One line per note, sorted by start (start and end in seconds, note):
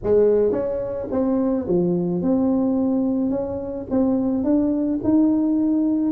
0.03 0.52 G#3
0.52 1.07 C#4
1.11 1.66 C4
1.67 2.21 F3
2.21 3.30 C4
3.30 3.86 C#4
3.90 4.43 C4
4.43 4.99 D4
5.03 6.11 D#4